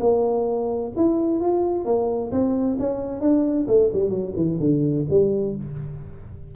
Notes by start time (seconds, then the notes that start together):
0.00 A#3
0.96 E4
1.41 F4
1.85 A#3
2.31 C4
2.79 C#4
3.20 D4
3.67 A3
3.93 G3
4.10 F#3
4.36 E3
4.60 D3
5.10 G3